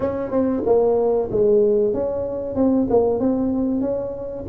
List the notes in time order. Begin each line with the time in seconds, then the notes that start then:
0.00 C#4
0.30 C4
0.66 A#3
1.31 G#3
1.93 C#4
2.55 C4
2.90 A#3
3.19 C4
3.81 C#4